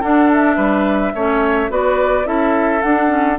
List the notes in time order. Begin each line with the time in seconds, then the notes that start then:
0.00 D4 A4 F#5
0.32 E5
0.56 G3 B4
1.14 A3 C#4 C#5
1.69 B3 F#4 B4 D5
2.24 C#4 E4 A4 E5
2.81 D4 F#5
3.07 C#4